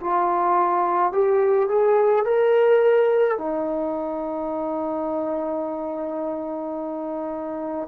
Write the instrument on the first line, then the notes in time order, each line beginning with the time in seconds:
trombone
0.00 F4
1.12 G4
1.68 G#4
2.25 A#4
3.38 D#4